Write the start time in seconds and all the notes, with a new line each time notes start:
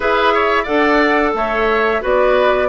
0.00 E4 G#4 B4 E5
0.33 C#5
0.63 D4 A4 D5 F#5
1.34 A3 C#5 E5
2.01 B3 F#4 B4 D5